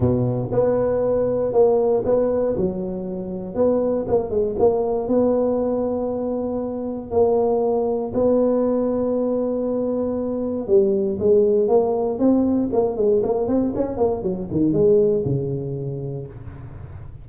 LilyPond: \new Staff \with { instrumentName = "tuba" } { \time 4/4 \tempo 4 = 118 b,4 b2 ais4 | b4 fis2 b4 | ais8 gis8 ais4 b2~ | b2 ais2 |
b1~ | b4 g4 gis4 ais4 | c'4 ais8 gis8 ais8 c'8 cis'8 ais8 | fis8 dis8 gis4 cis2 | }